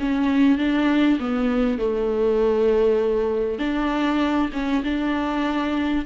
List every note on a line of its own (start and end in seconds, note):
0.00 0.58 C#4
0.58 1.19 D4
1.20 1.79 B3
1.79 3.59 A3
3.59 4.50 D4
4.53 4.84 C#4
4.84 6.06 D4